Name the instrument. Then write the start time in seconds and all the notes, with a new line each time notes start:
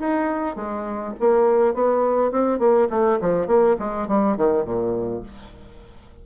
bassoon
0.00 D#4
0.56 G#3
1.20 A#3
1.75 B3
2.32 C4
2.59 A#3
2.90 A3
3.21 F3
3.47 A#3
3.80 G#3
4.09 G3
4.37 D#3
4.65 A#2